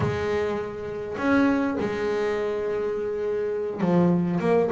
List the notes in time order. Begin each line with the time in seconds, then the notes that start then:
0.00 G#3
1.18 C#4
1.79 G#3
3.80 F3
4.40 A#3